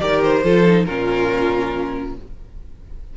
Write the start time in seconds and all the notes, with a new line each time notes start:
0.00 D#3 G4 A#4 D5
0.23 C5
0.44 F3 F4 A4
0.66 D#4
0.85 A#2 C#4 F4 A#4